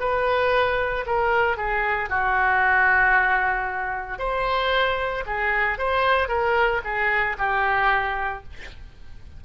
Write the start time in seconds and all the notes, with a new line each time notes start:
0.00 B4
1.06 A#4
1.57 G#4
2.10 F#4
4.19 C5
5.26 G#4
5.78 C5
6.29 A#4
6.84 G#4
7.39 G4